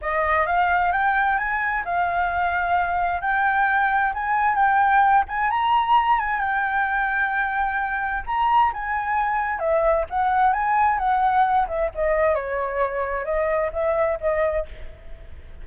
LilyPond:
\new Staff \with { instrumentName = "flute" } { \time 4/4 \tempo 4 = 131 dis''4 f''4 g''4 gis''4 | f''2. g''4~ | g''4 gis''4 g''4. gis''8 | ais''4. gis''8 g''2~ |
g''2 ais''4 gis''4~ | gis''4 e''4 fis''4 gis''4 | fis''4. e''8 dis''4 cis''4~ | cis''4 dis''4 e''4 dis''4 | }